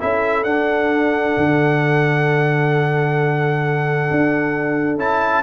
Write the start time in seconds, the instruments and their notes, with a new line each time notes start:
0.00 tuba C#4, trombone E4, horn A4, trumpet E5
0.44 tuba D4, trombone D4, trumpet F#5
1.38 tuba D3
4.11 tuba D4
4.98 tuba C#4, trombone E4, trumpet A5